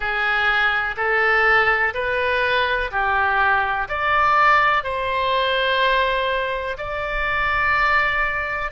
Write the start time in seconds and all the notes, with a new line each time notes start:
0.00 G#4
0.96 A4
1.94 B4
2.91 G4
3.88 D5
4.83 C5
6.77 D5